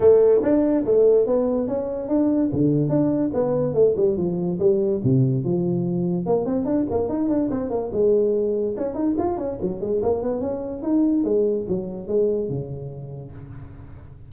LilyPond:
\new Staff \with { instrumentName = "tuba" } { \time 4/4 \tempo 4 = 144 a4 d'4 a4 b4 | cis'4 d'4 d4 d'4 | b4 a8 g8 f4 g4 | c4 f2 ais8 c'8 |
d'8 ais8 dis'8 d'8 c'8 ais8 gis4~ | gis4 cis'8 dis'8 f'8 cis'8 fis8 gis8 | ais8 b8 cis'4 dis'4 gis4 | fis4 gis4 cis2 | }